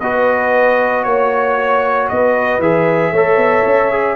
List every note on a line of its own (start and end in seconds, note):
0.00 1.05 B3
0.00 2.62 F#4
0.00 1.05 B4
0.00 1.03 D#5
1.03 2.09 A#3
1.03 2.08 C#5
1.03 2.09 C#5
2.09 2.59 B3
2.09 3.12 B4
2.09 2.61 D#5
2.59 3.11 E3
2.59 3.14 G#4
2.59 4.16 E5
3.12 3.36 A3
3.12 3.91 A4
3.12 4.16 C#5
3.36 3.62 B3
3.64 4.16 C#4
3.91 4.16 G#4